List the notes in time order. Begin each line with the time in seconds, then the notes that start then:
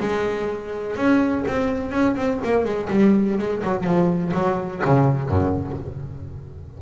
0.00 G#3
0.96 C#4
1.48 C4
1.92 C#4
2.16 C4
2.44 A#3
2.65 G#3
2.90 G3
3.38 G#3
3.64 F#3
3.84 F3
4.34 F#3
4.85 C#3
5.29 F#2